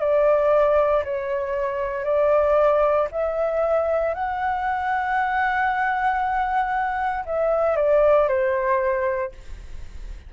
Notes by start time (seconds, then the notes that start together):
0.00 D5
1.04 C#5
2.05 D5
3.11 E5
4.14 F#5
7.26 E5
7.77 D5
8.29 C5